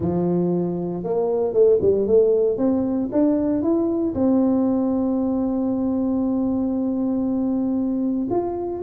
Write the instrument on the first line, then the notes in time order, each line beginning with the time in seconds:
tuba
0.00 F3
1.03 A#3
1.53 A3
1.81 G3
2.07 A3
2.57 C4
3.12 D4
3.62 E4
4.14 C4
8.30 F4